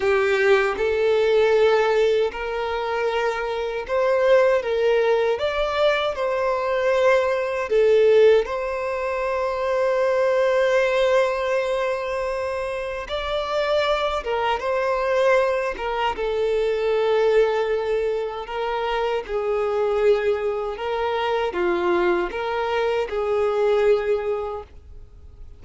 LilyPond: \new Staff \with { instrumentName = "violin" } { \time 4/4 \tempo 4 = 78 g'4 a'2 ais'4~ | ais'4 c''4 ais'4 d''4 | c''2 a'4 c''4~ | c''1~ |
c''4 d''4. ais'8 c''4~ | c''8 ais'8 a'2. | ais'4 gis'2 ais'4 | f'4 ais'4 gis'2 | }